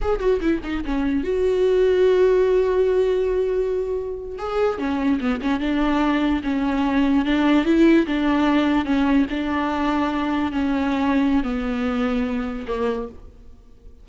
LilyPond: \new Staff \with { instrumentName = "viola" } { \time 4/4 \tempo 4 = 147 gis'8 fis'8 e'8 dis'8 cis'4 fis'4~ | fis'1~ | fis'2~ fis'8. gis'4 cis'16~ | cis'8. b8 cis'8 d'2 cis'16~ |
cis'4.~ cis'16 d'4 e'4 d'16~ | d'4.~ d'16 cis'4 d'4~ d'16~ | d'4.~ d'16 cis'2~ cis'16 | b2. ais4 | }